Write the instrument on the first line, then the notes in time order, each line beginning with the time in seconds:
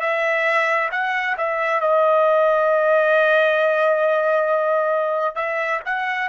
trumpet
0.00 E5
0.92 F#5
1.38 E5
1.80 D#5
5.35 E5
5.85 F#5